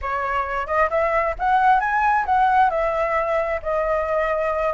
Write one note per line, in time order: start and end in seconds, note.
0.01 0.66 C#5
0.66 0.89 D#5
0.90 1.35 E5
1.38 1.80 F#5
1.80 2.25 G#5
2.25 2.70 F#5
2.70 3.60 E5
3.62 4.73 D#5